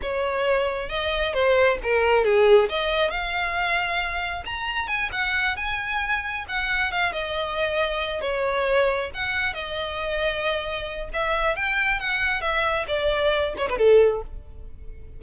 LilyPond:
\new Staff \with { instrumentName = "violin" } { \time 4/4 \tempo 4 = 135 cis''2 dis''4 c''4 | ais'4 gis'4 dis''4 f''4~ | f''2 ais''4 gis''8 fis''8~ | fis''8 gis''2 fis''4 f''8 |
dis''2~ dis''8 cis''4.~ | cis''8 fis''4 dis''2~ dis''8~ | dis''4 e''4 g''4 fis''4 | e''4 d''4. cis''16 b'16 a'4 | }